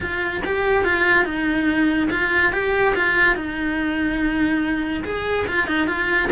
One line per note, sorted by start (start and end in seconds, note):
0.00 0.42 F4
0.45 0.84 G4
0.84 1.25 F4
1.25 2.08 D#4
2.10 2.52 F4
2.52 2.94 G4
2.95 3.35 F4
3.35 5.03 D#4
5.04 5.46 G#4
5.47 5.67 F4
5.67 5.87 D#4
5.87 6.29 F4